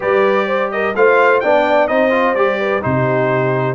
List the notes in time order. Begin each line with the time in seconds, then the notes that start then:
0.00 G3 G4 B4 D5
0.46 C5
0.71 A#4 D#5
0.95 A3 F4 C5 F5
1.40 B3 D4 D5 G5
1.87 C4 D#4 C5 D#5
2.11 F4
2.34 G3 G4 D5
2.59 B4
2.81 C3 D#4 G4 C5